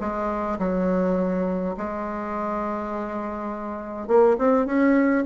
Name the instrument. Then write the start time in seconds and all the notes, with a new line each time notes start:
bassoon
0.00 G#3
0.59 F#3
1.77 G#3
4.07 A#3
4.38 C4
4.65 C#4